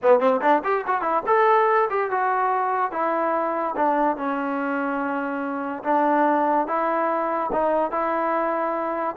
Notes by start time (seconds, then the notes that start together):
0.02 B3
0.19 C4
0.41 D4
0.64 G4
0.86 F#4
1.01 E4
1.26 A4
1.90 G4
2.10 F#4
2.91 E4
3.76 D4
4.16 C#4
5.83 D4
6.67 E4
7.52 D#4
7.91 E4